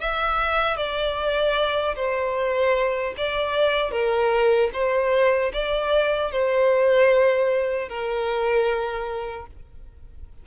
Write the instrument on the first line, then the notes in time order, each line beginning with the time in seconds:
violin
0.00 E5
0.77 D5
1.96 C5
3.17 D5
3.91 A#4
4.73 C5
5.53 D5
6.31 C5
7.89 A#4